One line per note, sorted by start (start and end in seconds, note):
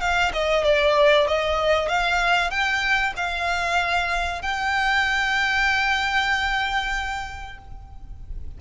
0.00 0.32 F5
0.33 0.64 D#5
0.64 1.27 D5
1.27 1.88 D#5
1.88 2.50 F5
2.50 3.13 G5
3.16 4.42 F5
4.42 7.58 G5